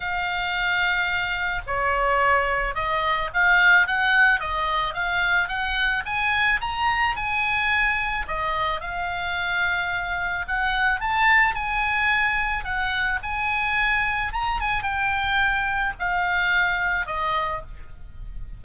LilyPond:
\new Staff \with { instrumentName = "oboe" } { \time 4/4 \tempo 4 = 109 f''2. cis''4~ | cis''4 dis''4 f''4 fis''4 | dis''4 f''4 fis''4 gis''4 | ais''4 gis''2 dis''4 |
f''2. fis''4 | a''4 gis''2 fis''4 | gis''2 ais''8 gis''8 g''4~ | g''4 f''2 dis''4 | }